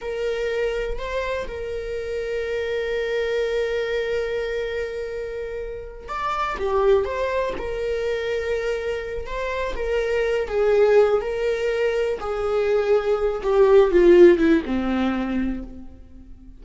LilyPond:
\new Staff \with { instrumentName = "viola" } { \time 4/4 \tempo 4 = 123 ais'2 c''4 ais'4~ | ais'1~ | ais'1~ | ais'8 d''4 g'4 c''4 ais'8~ |
ais'2. c''4 | ais'4. gis'4. ais'4~ | ais'4 gis'2~ gis'8 g'8~ | g'8 f'4 e'8 c'2 | }